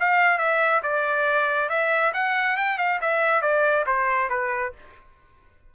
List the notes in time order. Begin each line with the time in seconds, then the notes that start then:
0.00 F5
0.38 E5
0.83 D5
1.69 E5
2.14 F#5
2.57 G5
2.78 F5
3.01 E5
3.42 D5
3.86 C5
4.29 B4